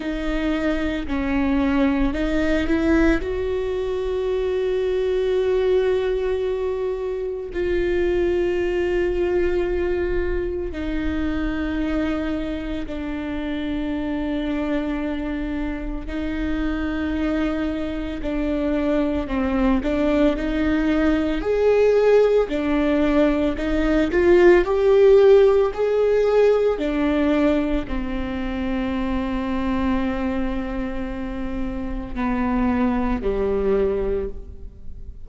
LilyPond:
\new Staff \with { instrumentName = "viola" } { \time 4/4 \tempo 4 = 56 dis'4 cis'4 dis'8 e'8 fis'4~ | fis'2. f'4~ | f'2 dis'2 | d'2. dis'4~ |
dis'4 d'4 c'8 d'8 dis'4 | gis'4 d'4 dis'8 f'8 g'4 | gis'4 d'4 c'2~ | c'2 b4 g4 | }